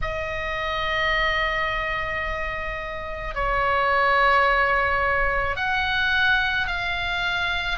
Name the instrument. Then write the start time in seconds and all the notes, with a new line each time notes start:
oboe
0.01 D#5
3.34 C#5
5.56 F#5
6.67 F5